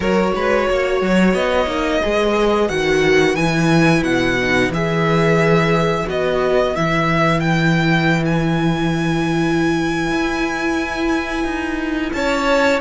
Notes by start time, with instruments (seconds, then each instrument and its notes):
0.00 cello F#3, viola F#4, violin A#4 C#5
0.35 cello G#3, violin B4
0.69 cello A#3, violin C#5
1.01 cello F#3
1.34 cello B3, violin D#5
1.66 cello A#3, viola D#4
2.01 cello G#3, viola G#4, violin B4
2.68 cello D#3, viola F#4, violin F#5
3.35 cello E3, viola E4, violin G#5
4.03 cello B2, violin F#5
4.42 viola D#4
4.69 cello E3, viola G#4, violin E5
6.06 cello B3, viola F#4, violin D#5
6.75 cello E3, viola E4, violin E5
7.39 violin G5
8.25 violin G#5
10.11 cello E4
11.44 cello D#4
12.12 cello C#4, violin C#5 A5